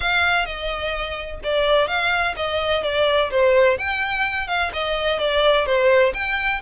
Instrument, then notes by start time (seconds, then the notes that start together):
violin
0.00 F5
0.45 D#5
1.43 D5
1.87 F5
2.36 D#5
2.83 D5
3.30 C5
3.78 G5
4.47 F5
4.73 D#5
5.19 D5
5.66 C5
6.14 G5